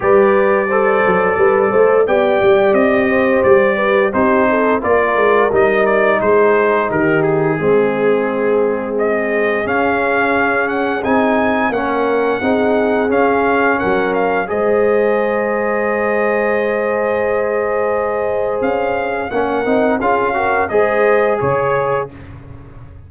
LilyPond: <<
  \new Staff \with { instrumentName = "trumpet" } { \time 4/4 \tempo 4 = 87 d''2. g''4 | dis''4 d''4 c''4 d''4 | dis''8 d''8 c''4 ais'8 gis'4.~ | gis'4 dis''4 f''4. fis''8 |
gis''4 fis''2 f''4 | fis''8 f''8 dis''2.~ | dis''2. f''4 | fis''4 f''4 dis''4 cis''4 | }
  \new Staff \with { instrumentName = "horn" } { \time 4/4 b'4 c''4 b'8 c''8 d''4~ | d''8 c''4 b'8 g'8 a'8 ais'4~ | ais'4 gis'4 g'4 gis'4~ | gis'1~ |
gis'4 ais'4 gis'2 | ais'4 c''2.~ | c''1 | ais'4 gis'8 ais'8 c''4 cis''4 | }
  \new Staff \with { instrumentName = "trombone" } { \time 4/4 g'4 a'2 g'4~ | g'2 dis'4 f'4 | dis'2. c'4~ | c'2 cis'2 |
dis'4 cis'4 dis'4 cis'4~ | cis'4 gis'2.~ | gis'1 | cis'8 dis'8 f'8 fis'8 gis'2 | }
  \new Staff \with { instrumentName = "tuba" } { \time 4/4 g4. fis8 g8 a8 b8 g8 | c'4 g4 c'4 ais8 gis8 | g4 gis4 dis4 gis4~ | gis2 cis'2 |
c'4 ais4 c'4 cis'4 | fis4 gis2.~ | gis2. cis'4 | ais8 c'8 cis'4 gis4 cis4 | }
>>